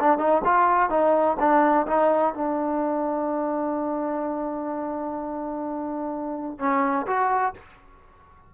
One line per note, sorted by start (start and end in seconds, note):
0.00 0.18 D4
0.18 0.42 D#4
0.45 0.90 F4
0.90 1.37 D#4
1.39 1.87 D4
1.87 2.34 D#4
2.34 6.59 D4
6.59 7.06 C#4
7.07 7.54 F#4